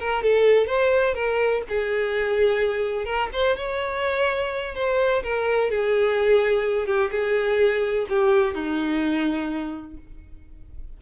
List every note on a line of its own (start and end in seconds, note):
0.00 0.23 A#4
0.23 0.67 A4
0.67 1.15 C5
1.15 1.62 A#4
1.69 3.06 G#4
3.06 3.29 A#4
3.33 3.57 C5
3.57 4.75 C#5
4.75 5.23 C5
5.23 5.71 A#4
5.71 6.87 G#4
6.87 7.11 G4
7.11 8.07 G#4
8.09 8.55 G4
8.55 9.98 D#4